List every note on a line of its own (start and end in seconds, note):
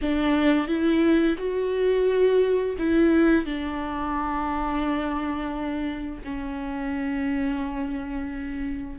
0.01 0.67 D4
0.67 1.36 E4
1.38 2.76 F#4
2.78 3.45 E4
3.45 6.21 D4
6.24 8.98 C#4